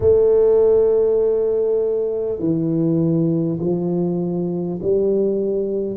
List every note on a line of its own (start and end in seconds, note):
0.00 2.38 A3
2.38 3.58 E3
3.59 4.79 F3
4.82 5.96 G3